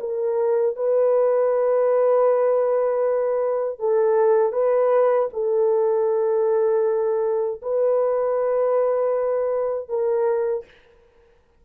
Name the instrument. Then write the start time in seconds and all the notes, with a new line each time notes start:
horn
0.00 A#4
0.76 B4
3.79 A4
4.52 B4
5.33 A4
7.62 B4
9.89 A#4